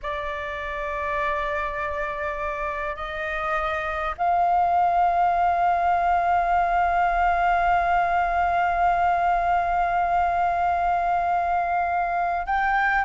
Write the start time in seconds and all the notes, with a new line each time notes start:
0.02 D5
2.96 D#5
4.17 F5
12.46 G5